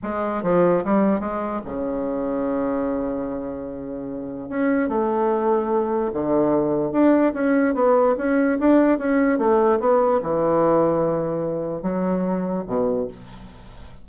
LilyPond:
\new Staff \with { instrumentName = "bassoon" } { \time 4/4 \tempo 4 = 147 gis4 f4 g4 gis4 | cis1~ | cis2. cis'4 | a2. d4~ |
d4 d'4 cis'4 b4 | cis'4 d'4 cis'4 a4 | b4 e2.~ | e4 fis2 b,4 | }